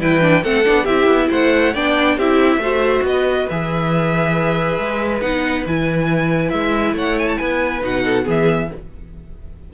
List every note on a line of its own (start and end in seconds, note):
0.00 0.43 E3
0.00 0.21 E4
0.00 0.44 B4
0.00 0.43 G5
0.21 0.43 D4
0.43 0.66 A3
0.43 0.64 C4
0.43 0.83 A4
0.43 0.85 F#5
0.64 0.88 B3
0.64 0.86 D4
0.83 1.07 C4
0.83 1.74 E4
0.83 1.26 G4
0.83 1.29 E5
1.07 1.29 B3
1.30 1.74 A3
1.30 1.73 C5
1.30 1.75 F#5
1.73 2.17 B3
1.73 2.19 D4
1.73 2.17 D5
1.73 2.18 G5
2.17 2.57 C4
2.17 2.61 E4
2.17 2.60 G4
2.17 3.05 E5
2.57 3.00 A3
2.57 3.48 F#4
2.57 3.05 C5
3.02 3.46 B3
3.02 6.95 B4
3.02 3.49 D#5
3.49 4.78 E3
3.49 5.22 G#4
3.49 5.21 E5
4.78 5.21 G#3
5.21 5.64 B3
5.21 5.65 D#4
5.21 5.64 F#5
5.66 6.53 E3
5.66 7.81 E4
5.66 6.50 G#5
6.50 6.93 G#3
6.50 6.93 E5
6.93 7.37 A3
6.93 7.39 C#5
6.93 7.19 F#5
7.19 7.28 G#5
7.28 7.38 A5
7.38 7.82 B3
7.38 8.04 B4
7.38 7.82 G#5
7.81 8.26 B2
7.81 8.24 D#4
7.81 8.28 F#5
8.05 8.25 A4
8.24 8.70 E3
8.24 8.68 B3
8.24 8.68 G#4
8.30 8.74 E5